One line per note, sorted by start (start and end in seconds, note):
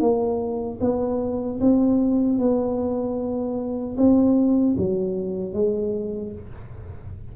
0.00 0.79 A#3
0.81 1.60 B3
1.60 2.39 C4
2.39 3.97 B3
3.97 4.76 C4
4.77 5.53 F#3
5.53 6.32 G#3